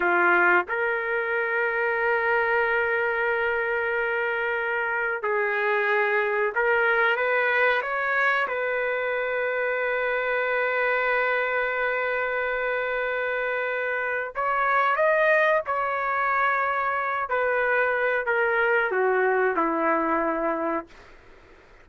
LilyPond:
\new Staff \with { instrumentName = "trumpet" } { \time 4/4 \tempo 4 = 92 f'4 ais'2.~ | ais'1 | gis'2 ais'4 b'4 | cis''4 b'2.~ |
b'1~ | b'2 cis''4 dis''4 | cis''2~ cis''8 b'4. | ais'4 fis'4 e'2 | }